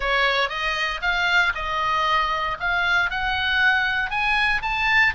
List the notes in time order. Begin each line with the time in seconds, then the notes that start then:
0.00 C#5
0.49 D#5
1.01 F5
1.55 D#5
2.59 F5
3.10 F#5
4.10 G#5
4.62 A5